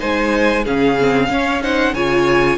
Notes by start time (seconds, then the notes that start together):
0.00 G#3 D#4 C5 G#5
0.64 C#3 C#4 G#4 F5
1.00 C4
1.29 C#4 C#5
1.63 D#4 C5 F#5
1.94 C#3 F4 C#5 G#5